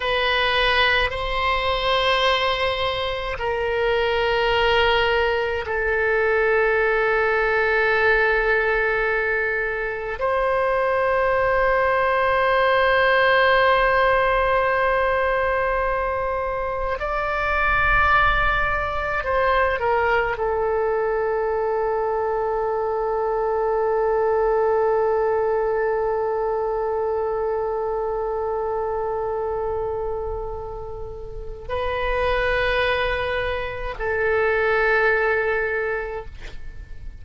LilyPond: \new Staff \with { instrumentName = "oboe" } { \time 4/4 \tempo 4 = 53 b'4 c''2 ais'4~ | ais'4 a'2.~ | a'4 c''2.~ | c''2. d''4~ |
d''4 c''8 ais'8 a'2~ | a'1~ | a'1 | b'2 a'2 | }